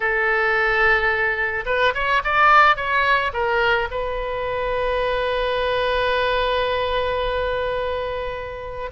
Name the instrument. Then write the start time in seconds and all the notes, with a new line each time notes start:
oboe
0.00 A4
1.65 B4
1.94 C#5
2.23 D5
2.76 C#5
3.33 A#4
3.90 B4